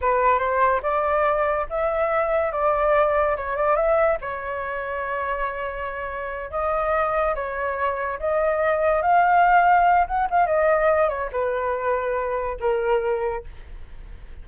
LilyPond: \new Staff \with { instrumentName = "flute" } { \time 4/4 \tempo 4 = 143 b'4 c''4 d''2 | e''2 d''2 | cis''8 d''8 e''4 cis''2~ | cis''2.~ cis''8 dis''8~ |
dis''4. cis''2 dis''8~ | dis''4. f''2~ f''8 | fis''8 f''8 dis''4. cis''8 b'4~ | b'2 ais'2 | }